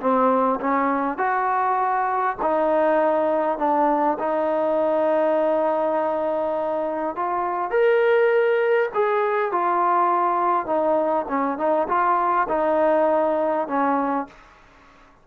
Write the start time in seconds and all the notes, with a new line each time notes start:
0.00 C4
0.60 C#4
1.18 F#4
2.42 D#4
3.58 D4
4.19 D#4
7.16 F4
7.70 A#4
8.94 G#4
9.52 F4
10.66 D#4
11.28 C#4
11.58 D#4
11.88 F4
12.49 D#4
13.68 C#4